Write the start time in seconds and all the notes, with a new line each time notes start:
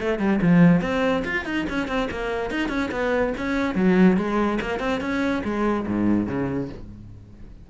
0.00 A3
0.19 G3
0.42 F3
0.82 C4
1.25 F4
1.45 D#4
1.70 C#4
1.88 C4
2.11 A#3
2.51 D#4
2.69 C#4
2.92 B3
3.38 C#4
3.75 F#3
4.17 G#3
4.61 A#3
4.80 C4
5.01 C#4
5.44 G#3
5.88 G#2
6.27 C#3